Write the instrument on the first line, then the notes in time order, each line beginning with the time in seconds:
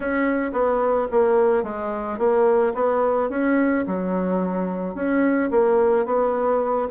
bassoon
0.00 C#4
0.52 B3
1.11 A#3
1.63 G#3
2.18 A#3
2.74 B3
3.29 C#4
3.86 F#3
4.94 C#4
5.50 A#3
6.05 B3